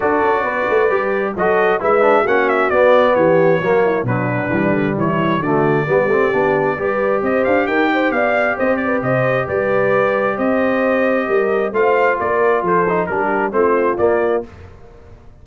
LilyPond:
<<
  \new Staff \with { instrumentName = "trumpet" } { \time 4/4 \tempo 4 = 133 d''2. dis''4 | e''4 fis''8 e''8 d''4 cis''4~ | cis''4 b'2 cis''4 | d''1 |
dis''8 f''8 g''4 f''4 dis''8 d''8 | dis''4 d''2 dis''4~ | dis''2 f''4 d''4 | c''4 ais'4 c''4 d''4 | }
  \new Staff \with { instrumentName = "horn" } { \time 4/4 a'4 b'2 a'4 | b'4 fis'2 g'4 | fis'8 e'8 d'2 e'4 | fis'4 g'2 b'4 |
c''4 ais'8 c''8 d''4 c''8 b'8 | c''4 b'2 c''4~ | c''4 ais'4 c''4 ais'4 | a'4 g'4 f'2 | }
  \new Staff \with { instrumentName = "trombone" } { \time 4/4 fis'2 g'4 fis'4 | e'8 d'8 cis'4 b2 | ais4 fis4 g2 | a4 b8 c'8 d'4 g'4~ |
g'1~ | g'1~ | g'2 f'2~ | f'8 dis'8 d'4 c'4 ais4 | }
  \new Staff \with { instrumentName = "tuba" } { \time 4/4 d'8 cis'8 b8 a8 g4 fis4 | gis4 ais4 b4 e4 | fis4 b,4 e8 d8 e4 | d4 g8 a8 b4 g4 |
c'8 d'8 dis'4 b4 c'4 | c4 g2 c'4~ | c'4 g4 a4 ais4 | f4 g4 a4 ais4 | }
>>